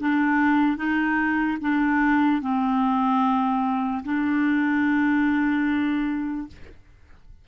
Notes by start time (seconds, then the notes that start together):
0.00 D4
0.77 D#4
1.61 D4
2.42 C4
4.05 D4